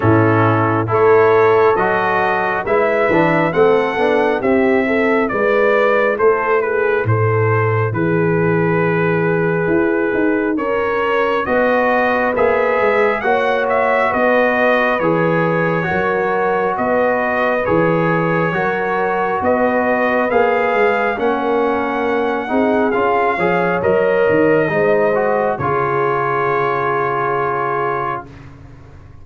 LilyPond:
<<
  \new Staff \with { instrumentName = "trumpet" } { \time 4/4 \tempo 4 = 68 a'4 cis''4 dis''4 e''4 | fis''4 e''4 d''4 c''8 b'8 | c''4 b'2. | cis''4 dis''4 e''4 fis''8 e''8 |
dis''4 cis''2 dis''4 | cis''2 dis''4 f''4 | fis''2 f''4 dis''4~ | dis''4 cis''2. | }
  \new Staff \with { instrumentName = "horn" } { \time 4/4 e'4 a'2 b'4 | a'4 g'8 a'8 b'4 a'8 gis'8 | a'4 gis'2. | ais'4 b'2 cis''4 |
b'2 ais'4 b'4~ | b'4 ais'4 b'2 | ais'4. gis'4 cis''4. | c''4 gis'2. | }
  \new Staff \with { instrumentName = "trombone" } { \time 4/4 cis'4 e'4 fis'4 e'8 d'8 | c'8 d'8 e'2.~ | e'1~ | e'4 fis'4 gis'4 fis'4~ |
fis'4 gis'4 fis'2 | gis'4 fis'2 gis'4 | cis'4. dis'8 f'8 gis'8 ais'4 | dis'8 fis'8 f'2. | }
  \new Staff \with { instrumentName = "tuba" } { \time 4/4 a,4 a4 fis4 gis8 e8 | a8 b8 c'4 gis4 a4 | a,4 e2 e'8 dis'8 | cis'4 b4 ais8 gis8 ais4 |
b4 e4 fis4 b4 | e4 fis4 b4 ais8 gis8 | ais4. c'8 cis'8 f8 fis8 dis8 | gis4 cis2. | }
>>